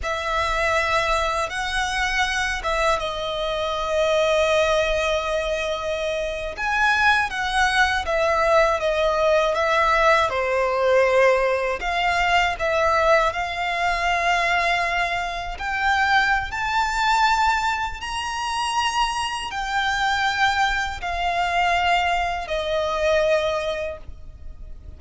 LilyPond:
\new Staff \with { instrumentName = "violin" } { \time 4/4 \tempo 4 = 80 e''2 fis''4. e''8 | dis''1~ | dis''8. gis''4 fis''4 e''4 dis''16~ | dis''8. e''4 c''2 f''16~ |
f''8. e''4 f''2~ f''16~ | f''8. g''4~ g''16 a''2 | ais''2 g''2 | f''2 dis''2 | }